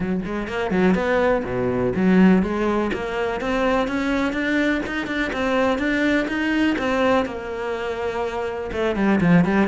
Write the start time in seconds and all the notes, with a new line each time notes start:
0.00 F#3
0.25 G#3
0.48 A#3
0.71 F#3
0.94 B3
1.44 B2
1.95 F#3
2.42 G#3
2.93 A#3
3.40 C4
3.87 C#4
4.32 D4
4.86 D#4
5.07 D4
5.32 C4
5.78 D4
6.27 D#4
6.78 C4
7.25 A#3
8.72 A3
8.95 G3
9.20 F3
9.44 G3